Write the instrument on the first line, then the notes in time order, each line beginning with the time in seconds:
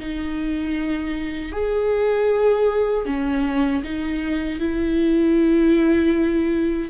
viola
0.00 D#4
1.52 G#4
3.06 C#4
3.83 D#4
4.60 E4